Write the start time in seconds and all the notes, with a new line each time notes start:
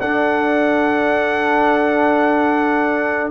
0.00 D4 A4 F#5